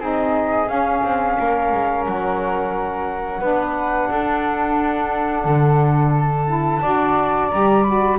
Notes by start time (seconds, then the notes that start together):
0.00 C4 D#4 G#4 D#5
0.67 C#4 F5
1.04 C4
1.39 A#3 A#4
1.73 G#3
2.07 F#3 F#5
3.40 B3 D4 B4
4.10 D4 A4
5.45 D3
6.17 A5
6.47 E4
6.82 D4 F#4 D5
7.51 G3 G4 A#5
7.83 F#4 B5